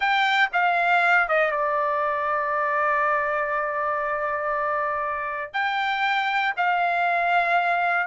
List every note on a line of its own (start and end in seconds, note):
0.00 0.49 G5
0.52 1.28 F5
1.28 1.51 D#5
1.51 5.53 D5
5.53 6.54 G5
6.56 8.06 F5